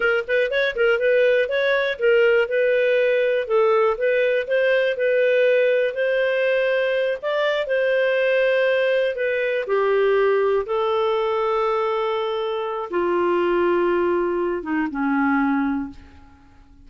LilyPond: \new Staff \with { instrumentName = "clarinet" } { \time 4/4 \tempo 4 = 121 ais'8 b'8 cis''8 ais'8 b'4 cis''4 | ais'4 b'2 a'4 | b'4 c''4 b'2 | c''2~ c''8 d''4 c''8~ |
c''2~ c''8 b'4 g'8~ | g'4. a'2~ a'8~ | a'2 f'2~ | f'4. dis'8 cis'2 | }